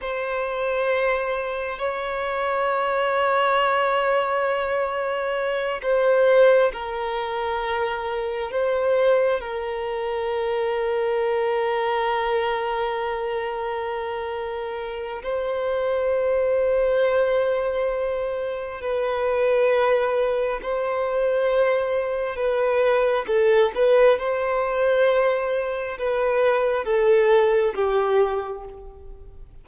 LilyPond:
\new Staff \with { instrumentName = "violin" } { \time 4/4 \tempo 4 = 67 c''2 cis''2~ | cis''2~ cis''8 c''4 ais'8~ | ais'4. c''4 ais'4.~ | ais'1~ |
ais'4 c''2.~ | c''4 b'2 c''4~ | c''4 b'4 a'8 b'8 c''4~ | c''4 b'4 a'4 g'4 | }